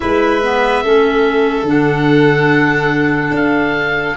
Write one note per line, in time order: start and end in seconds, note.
0.00 0.83 G#3
0.00 0.41 E4
0.00 0.83 B4
0.00 1.65 E5
0.43 0.84 B3
0.83 1.62 A3
0.83 1.66 C#4
0.83 4.16 A4
1.62 3.29 D3
1.62 4.16 D4
1.69 3.35 F#5
3.31 4.14 D4
3.31 4.16 F5